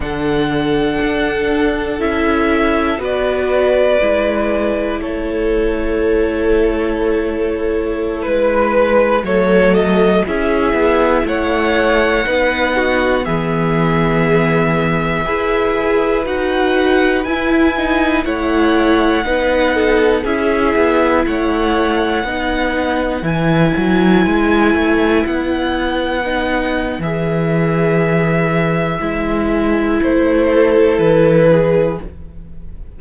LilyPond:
<<
  \new Staff \with { instrumentName = "violin" } { \time 4/4 \tempo 4 = 60 fis''2 e''4 d''4~ | d''4 cis''2.~ | cis''16 b'4 cis''8 dis''8 e''4 fis''8.~ | fis''4~ fis''16 e''2~ e''8.~ |
e''16 fis''4 gis''4 fis''4.~ fis''16~ | fis''16 e''4 fis''2 gis''8.~ | gis''4~ gis''16 fis''4.~ fis''16 e''4~ | e''2 c''4 b'4 | }
  \new Staff \with { instrumentName = "violin" } { \time 4/4 a'2. b'4~ | b'4 a'2.~ | a'16 b'4 a'4 gis'4 cis''8.~ | cis''16 b'8 fis'8 gis'2 b'8.~ |
b'2~ b'16 cis''4 b'8 a'16~ | a'16 gis'4 cis''4 b'4.~ b'16~ | b'1~ | b'2~ b'8 a'4 gis'8 | }
  \new Staff \with { instrumentName = "viola" } { \time 4/4 d'2 e'4 fis'4 | e'1~ | e'4~ e'16 a4 e'4.~ e'16~ | e'16 dis'4 b2 gis'8.~ |
gis'16 fis'4 e'8 dis'8 e'4 dis'8.~ | dis'16 e'2 dis'4 e'8.~ | e'2~ e'16 dis'8. gis'4~ | gis'4 e'2. | }
  \new Staff \with { instrumentName = "cello" } { \time 4/4 d4 d'4 cis'4 b4 | gis4 a2.~ | a16 gis4 fis4 cis'8 b8 a8.~ | a16 b4 e2 e'8.~ |
e'16 dis'4 e'4 a4 b8.~ | b16 cis'8 b8 a4 b4 e8 fis16~ | fis16 gis8 a8 b4.~ b16 e4~ | e4 gis4 a4 e4 | }
>>